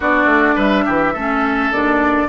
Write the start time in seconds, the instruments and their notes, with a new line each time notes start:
0.00 bassoon B3, clarinet D4, oboe F#4, flute D5
0.25 bassoon A3
0.55 bassoon G3, oboe B4, flute E5
0.84 bassoon E3, oboe G4
1.13 bassoon A3, clarinet C#4, oboe A4
1.70 bassoon D#2, clarinet D4, flute D5